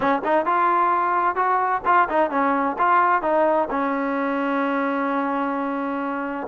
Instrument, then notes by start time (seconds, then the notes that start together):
trombone
0.00 C#4
0.24 D#4
0.45 F4
1.35 F#4
1.85 F4
2.09 D#4
2.30 C#4
2.78 F4
3.22 D#4
3.70 C#4